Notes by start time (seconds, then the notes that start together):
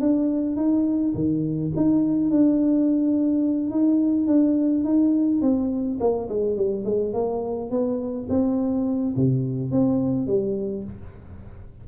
0.00 D4
0.56 D#4
1.14 D#3
1.76 D#4
2.30 D4
3.70 D#4
4.27 D4
4.84 D#4
5.41 C4
6.00 A#3
6.29 G#3
6.56 G3
6.84 G#3
7.13 A#3
7.70 B3
8.29 C4
9.16 C3
9.71 C4
10.26 G3